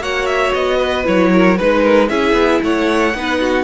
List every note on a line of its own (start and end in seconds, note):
0.00 0.52 A#3
0.00 1.05 F#4
0.00 0.78 C#5
0.00 0.27 F#5
0.27 0.53 E5
0.54 1.07 B3
0.54 1.06 D#5
0.78 1.30 B4
1.05 1.60 F#3
1.05 1.57 E4
1.05 1.58 C#5
1.33 1.58 A#4
1.58 2.10 G#3
1.58 2.09 D#4
1.58 1.82 B4
1.58 2.09 B4
1.82 2.08 A#4
2.09 2.33 C#4
2.09 3.14 E4
2.09 2.63 G#4
2.09 2.61 E5
2.33 2.59 B3
2.63 3.14 A3
2.63 3.17 C#5
2.63 3.64 F#5
3.14 3.64 B3
3.14 3.64 D#4
3.14 3.41 B4
3.41 3.64 F#4